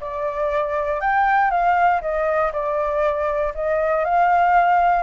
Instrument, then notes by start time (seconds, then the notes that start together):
flute
0.00 D5
1.00 G5
1.50 F5
2.01 D#5
2.52 D5
3.54 D#5
4.04 F5